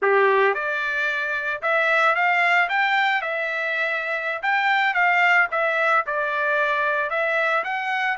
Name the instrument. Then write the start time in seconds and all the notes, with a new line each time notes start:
trumpet
0.01 G4
0.54 D5
1.62 E5
2.15 F5
2.69 G5
3.21 E5
4.42 G5
4.94 F5
5.51 E5
6.06 D5
7.10 E5
7.64 F#5